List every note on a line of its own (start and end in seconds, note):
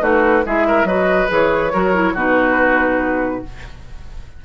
0.00 0.43 A3
0.00 0.43 D#4
0.00 0.44 F#4
0.00 0.45 B4
0.45 0.84 G#3
0.45 0.87 E4
0.45 0.67 G#4
0.45 0.86 E5
0.67 0.87 A#4
0.84 1.26 F#3
0.84 1.28 F#4
0.84 1.72 B4
0.84 1.29 D#5
1.28 1.73 E3
1.28 1.70 G#4
1.28 2.17 C#5
1.72 2.14 F#3
1.72 1.94 F#4
1.72 2.13 A#4
1.94 2.15 E4
2.13 3.41 B2
2.13 3.44 D#4
2.13 3.41 F#4
2.13 3.45 B4